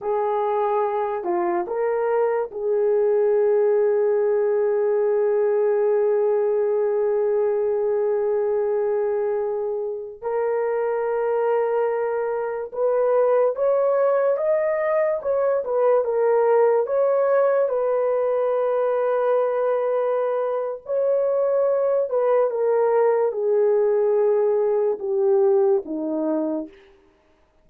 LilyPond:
\new Staff \with { instrumentName = "horn" } { \time 4/4 \tempo 4 = 72 gis'4. f'8 ais'4 gis'4~ | gis'1~ | gis'1~ | gis'16 ais'2. b'8.~ |
b'16 cis''4 dis''4 cis''8 b'8 ais'8.~ | ais'16 cis''4 b'2~ b'8.~ | b'4 cis''4. b'8 ais'4 | gis'2 g'4 dis'4 | }